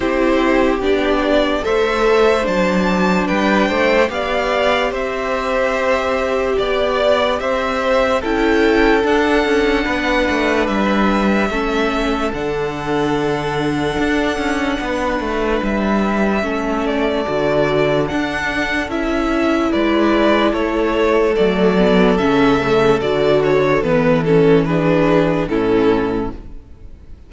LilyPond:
<<
  \new Staff \with { instrumentName = "violin" } { \time 4/4 \tempo 4 = 73 c''4 d''4 e''4 a''4 | g''4 f''4 e''2 | d''4 e''4 g''4 fis''4~ | fis''4 e''2 fis''4~ |
fis''2. e''4~ | e''8 d''4. fis''4 e''4 | d''4 cis''4 d''4 e''4 | d''8 cis''8 b'8 a'8 b'4 a'4 | }
  \new Staff \with { instrumentName = "violin" } { \time 4/4 g'2 c''2 | b'8 c''8 d''4 c''2 | d''4 c''4 a'2 | b'2 a'2~ |
a'2 b'2 | a'1 | b'4 a'2.~ | a'2 gis'4 e'4 | }
  \new Staff \with { instrumentName = "viola" } { \time 4/4 e'4 d'4 a'4 d'4~ | d'4 g'2.~ | g'2 e'4 d'4~ | d'2 cis'4 d'4~ |
d'1 | cis'4 fis'4 d'4 e'4~ | e'2 a8 b8 cis'8 a8 | fis'4 b8 cis'8 d'4 cis'4 | }
  \new Staff \with { instrumentName = "cello" } { \time 4/4 c'4 b4 a4 fis4 | g8 a8 b4 c'2 | b4 c'4 cis'4 d'8 cis'8 | b8 a8 g4 a4 d4~ |
d4 d'8 cis'8 b8 a8 g4 | a4 d4 d'4 cis'4 | gis4 a4 fis4 cis4 | d4 e2 a,4 | }
>>